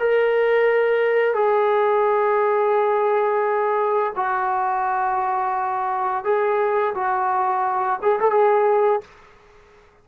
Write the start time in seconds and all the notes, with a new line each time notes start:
0.00 A#4
1.34 G#4
4.16 F#4
6.24 G#4
6.95 F#4
8.03 G#4
8.20 A4
8.31 G#4